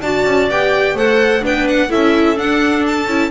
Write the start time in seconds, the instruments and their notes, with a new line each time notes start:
0.00 double bass D4, viola F#4, clarinet D5, violin A5
0.25 double bass C#4
0.49 double bass B3, viola G4, violin G5
0.94 double bass A3, viola A4, clarinet C5, violin F#5
1.42 double bass B3, viola D4, clarinet B4, violin G5
1.68 violin F#5
1.89 double bass C#4, viola E4, clarinet A4, violin E5
2.36 viola D4, double bass D4, violin F#5
2.86 violin A5
3.06 double bass C#4, viola E4